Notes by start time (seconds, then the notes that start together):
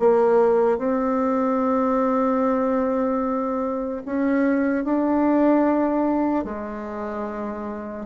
0.00 A#3
0.79 C4
4.06 C#4
4.85 D4
6.45 G#3